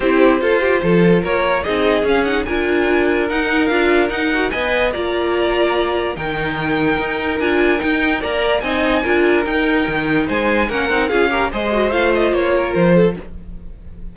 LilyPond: <<
  \new Staff \with { instrumentName = "violin" } { \time 4/4 \tempo 4 = 146 c''2. cis''4 | dis''4 f''8 fis''8 gis''2 | fis''4 f''4 fis''4 gis''4 | ais''2. g''4~ |
g''2 gis''4 g''4 | ais''4 gis''2 g''4~ | g''4 gis''4 fis''4 f''4 | dis''4 f''8 dis''8 cis''4 c''4 | }
  \new Staff \with { instrumentName = "violin" } { \time 4/4 g'4 a'8 g'8 a'4 ais'4 | gis'2 ais'2~ | ais'2. dis''4 | d''2. ais'4~ |
ais'1 | d''4 dis''4 ais'2~ | ais'4 c''4 ais'4 gis'8 ais'8 | c''2~ c''8 ais'4 a'8 | }
  \new Staff \with { instrumentName = "viola" } { \time 4/4 e'4 f'2. | dis'4 cis'8 dis'8 f'2 | dis'4 f'4 dis'8 fis'8 b'4 | f'2. dis'4~ |
dis'2 f'4 dis'4 | ais'4 dis'4 f'4 dis'4~ | dis'2 cis'8 dis'8 f'8 g'8 | gis'8 fis'8 f'2. | }
  \new Staff \with { instrumentName = "cello" } { \time 4/4 c'4 f'4 f4 ais4 | c'4 cis'4 d'2 | dis'4 d'4 dis'4 b4 | ais2. dis4~ |
dis4 dis'4 d'4 dis'4 | ais4 c'4 d'4 dis'4 | dis4 gis4 ais8 c'8 cis'4 | gis4 a4 ais4 f4 | }
>>